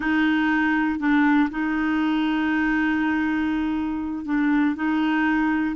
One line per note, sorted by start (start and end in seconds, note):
0.00 0.99 D#4
0.99 1.49 D4
1.50 4.25 D#4
4.25 4.75 D4
4.75 5.75 D#4